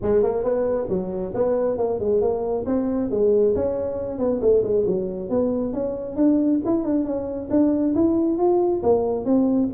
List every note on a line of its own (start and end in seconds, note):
0.02 0.22 G#3
0.22 0.43 A#3
0.43 0.87 B3
0.89 1.33 F#3
1.34 1.77 B3
1.77 1.99 A#3
1.99 2.21 G#3
2.21 2.65 A#3
2.66 3.10 C4
3.10 3.55 G#3
3.55 4.18 C#4
4.18 4.40 B3
4.41 4.63 A3
4.63 4.85 G#3
4.86 5.29 F#3
5.29 5.73 B3
5.73 6.16 C#4
6.16 6.60 D4
6.65 6.84 E4
6.84 7.04 D4
7.04 7.49 C#4
7.50 7.94 D4
7.94 8.37 E4
8.37 8.82 F4
8.82 9.25 A#3
9.25 9.69 C4